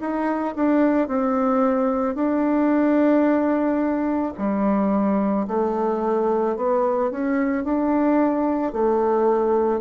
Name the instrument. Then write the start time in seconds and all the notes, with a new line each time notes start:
bassoon
0.00 D#4
0.55 D4
1.08 C4
2.15 D4
4.38 G3
5.47 A3
6.56 B3
7.11 C#4
7.64 D4
8.72 A3